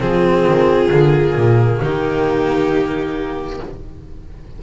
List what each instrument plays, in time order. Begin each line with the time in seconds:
0.00 double bass F3, cello C4, viola F4, violin G#4
0.48 double bass D#3
0.91 double bass D3, cello A#3
1.36 double bass A#2
1.81 double bass D#3, viola D#4, violin G4